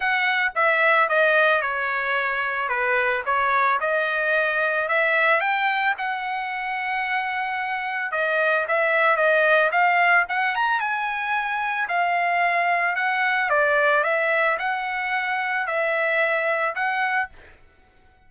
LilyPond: \new Staff \with { instrumentName = "trumpet" } { \time 4/4 \tempo 4 = 111 fis''4 e''4 dis''4 cis''4~ | cis''4 b'4 cis''4 dis''4~ | dis''4 e''4 g''4 fis''4~ | fis''2. dis''4 |
e''4 dis''4 f''4 fis''8 ais''8 | gis''2 f''2 | fis''4 d''4 e''4 fis''4~ | fis''4 e''2 fis''4 | }